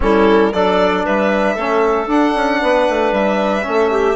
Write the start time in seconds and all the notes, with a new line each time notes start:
0.00 G3 C#4 E4 A4
0.52 F#3 D4 A4 D5
1.05 G3 B4 E5
1.54 A3 C#4 A4
2.07 D4 F#5
2.35 C#4
2.62 B3 B4
2.89 A3
3.12 G3 E5
3.62 A3 C#4
3.69 A4
3.90 G4